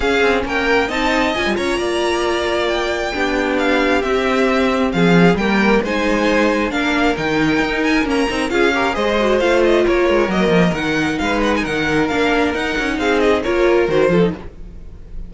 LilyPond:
<<
  \new Staff \with { instrumentName = "violin" } { \time 4/4 \tempo 4 = 134 f''4 g''4 a''4 gis''8 ais''8~ | ais''2 g''2 | f''4 e''2 f''4 | g''4 gis''2 f''4 |
g''4. gis''8 ais''4 f''4 | dis''4 f''8 dis''8 cis''4 dis''4 | fis''4 f''8 fis''16 gis''16 fis''4 f''4 | fis''4 f''8 dis''8 cis''4 c''4 | }
  \new Staff \with { instrumentName = "violin" } { \time 4/4 gis'4 ais'4 dis''4. cis''8 | d''2. g'4~ | g'2. gis'4 | ais'4 c''2 ais'4~ |
ais'2. gis'8 ais'8 | c''2 ais'2~ | ais'4 b'4 ais'2~ | ais'4 gis'4 ais'4. a'8 | }
  \new Staff \with { instrumentName = "viola" } { \time 4/4 cis'2 dis'4 f'4~ | f'2. d'4~ | d'4 c'2. | ais4 dis'2 d'4 |
dis'2 cis'8 dis'8 f'8 g'8 | gis'8 fis'8 f'2 ais4 | dis'2. d'4 | dis'2 f'4 fis'8 f'16 dis'16 | }
  \new Staff \with { instrumentName = "cello" } { \time 4/4 cis'8 c'8 ais4 c'4 cis'16 g16 cis'8 | ais2. b4~ | b4 c'2 f4 | g4 gis2 ais4 |
dis4 dis'4 ais8 c'8 cis'4 | gis4 a4 ais8 gis8 fis8 f8 | dis4 gis4 dis4 ais4 | dis'8 cis'8 c'4 ais4 dis8 f8 | }
>>